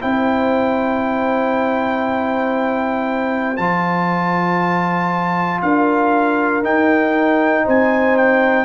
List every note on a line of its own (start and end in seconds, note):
0.00 3.58 C4
0.00 3.56 E4
0.00 5.60 C5
0.00 3.56 G5
3.56 5.62 F3
3.56 6.63 F4
3.56 5.60 A5
5.61 6.63 D4
5.61 7.64 A#4
5.61 6.63 F5
6.63 8.65 D#4
6.63 7.65 D#4
6.63 7.66 G5
7.64 8.65 C4
7.64 8.65 C5
7.64 8.17 G#5
8.17 8.65 G5